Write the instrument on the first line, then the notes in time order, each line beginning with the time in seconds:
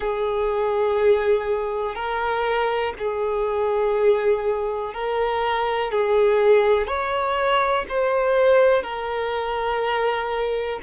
violin
0.00 G#4
1.95 A#4
2.98 G#4
4.94 A#4
5.92 G#4
6.87 C#5
7.88 C5
8.83 A#4